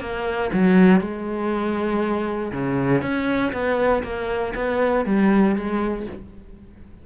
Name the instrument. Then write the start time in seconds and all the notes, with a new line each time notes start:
cello
0.00 A#3
0.53 F#3
1.01 G#3
2.52 C#3
3.02 C#4
3.52 B3
4.03 A#3
4.55 B3
5.05 G3
5.56 G#3